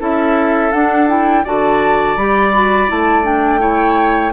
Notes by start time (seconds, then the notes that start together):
0.00 C#4 E4 A4 E5
0.72 D4 F#5
1.08 E4 G5
1.45 D3 F#4 D5 A5
2.17 G3 G4 B5
2.54 F#4
2.88 A3 E4 A5
3.23 D4 G5
3.60 E4 C#5